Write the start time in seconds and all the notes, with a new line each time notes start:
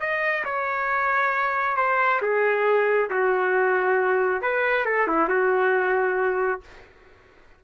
0.00 D#5
0.45 C#5
1.76 C5
2.21 G#4
3.10 F#4
4.42 B4
4.85 A4
5.07 E4
5.28 F#4